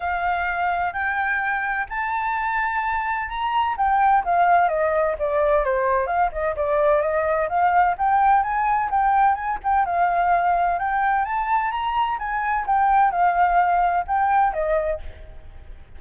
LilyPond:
\new Staff \with { instrumentName = "flute" } { \time 4/4 \tempo 4 = 128 f''2 g''2 | a''2. ais''4 | g''4 f''4 dis''4 d''4 | c''4 f''8 dis''8 d''4 dis''4 |
f''4 g''4 gis''4 g''4 | gis''8 g''8 f''2 g''4 | a''4 ais''4 gis''4 g''4 | f''2 g''4 dis''4 | }